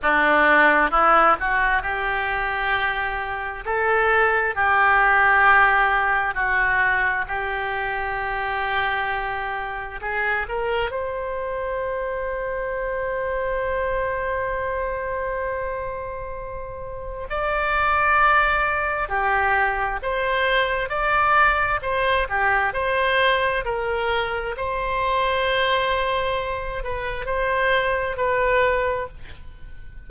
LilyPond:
\new Staff \with { instrumentName = "oboe" } { \time 4/4 \tempo 4 = 66 d'4 e'8 fis'8 g'2 | a'4 g'2 fis'4 | g'2. gis'8 ais'8 | c''1~ |
c''2. d''4~ | d''4 g'4 c''4 d''4 | c''8 g'8 c''4 ais'4 c''4~ | c''4. b'8 c''4 b'4 | }